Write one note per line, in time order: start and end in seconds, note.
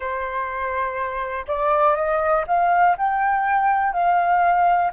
0.00 1.45 C5
1.47 1.95 D5
1.95 2.45 D#5
2.47 2.96 F5
2.97 3.93 G5
3.93 4.91 F5